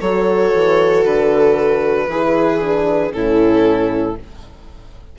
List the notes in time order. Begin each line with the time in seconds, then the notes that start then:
0.00 F#3 F#4 A4 C#5
0.54 E3
1.04 D3 B4
2.07 E3 E4 G#4
2.60 D4
3.10 A2 C#4 E4 A4